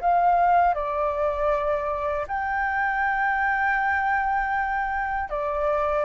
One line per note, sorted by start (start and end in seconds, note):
0.00 0.74 F5
0.74 2.26 D5
2.27 5.29 G5
5.29 6.05 D5